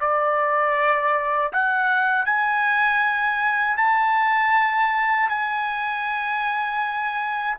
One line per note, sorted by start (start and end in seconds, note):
0.00 1.52 D5
1.52 2.25 F#5
2.25 3.77 G#5
3.77 5.29 A5
5.29 7.56 G#5